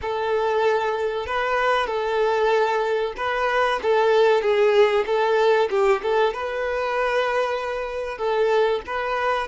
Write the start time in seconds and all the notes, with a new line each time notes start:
0.01 A4
1.26 B4
1.86 A4
3.16 B4
3.82 A4
4.41 G#4
5.06 A4
5.70 G4
6.02 A4
6.33 B4
8.18 A4
8.86 B4